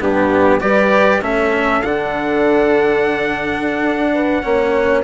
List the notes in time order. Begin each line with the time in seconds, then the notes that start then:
0.00 G2 B3 D4 G4
0.60 G3 G4 B4 D5
1.21 A3 C#4 A4 E5
1.82 D3 D4 F#5
3.82 D4
4.13 B4
4.42 A#3 C#4 C#5